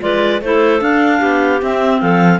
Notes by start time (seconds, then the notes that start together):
0.00 G#3 F4 B4 D5
0.42 A3 E4 A4 C5
0.80 D4 F5
1.20 B3 G4
1.62 C4 E5
2.01 F3 A4 F5